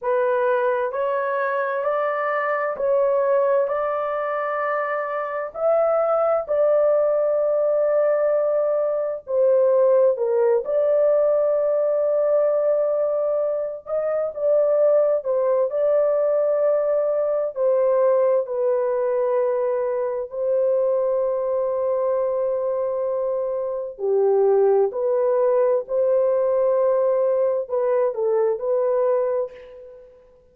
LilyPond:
\new Staff \with { instrumentName = "horn" } { \time 4/4 \tempo 4 = 65 b'4 cis''4 d''4 cis''4 | d''2 e''4 d''4~ | d''2 c''4 ais'8 d''8~ | d''2. dis''8 d''8~ |
d''8 c''8 d''2 c''4 | b'2 c''2~ | c''2 g'4 b'4 | c''2 b'8 a'8 b'4 | }